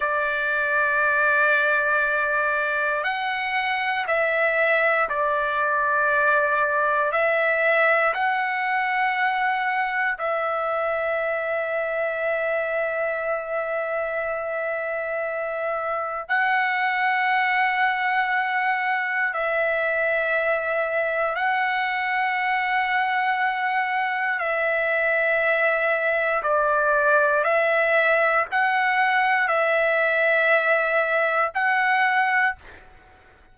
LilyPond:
\new Staff \with { instrumentName = "trumpet" } { \time 4/4 \tempo 4 = 59 d''2. fis''4 | e''4 d''2 e''4 | fis''2 e''2~ | e''1 |
fis''2. e''4~ | e''4 fis''2. | e''2 d''4 e''4 | fis''4 e''2 fis''4 | }